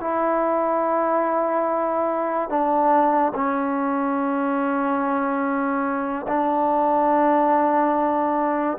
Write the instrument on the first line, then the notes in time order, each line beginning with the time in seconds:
trombone
0.00 E4
2.49 D4
3.34 C#4
6.28 D4